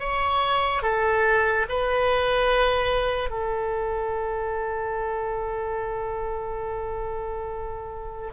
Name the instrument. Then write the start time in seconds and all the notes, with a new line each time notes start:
oboe
0.00 C#5
0.83 A4
1.69 B4
3.30 A4